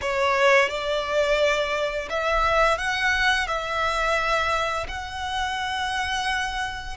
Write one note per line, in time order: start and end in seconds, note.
0.01 0.69 C#5
0.69 2.08 D5
2.09 2.78 E5
2.78 3.47 F#5
3.47 4.86 E5
4.88 6.96 F#5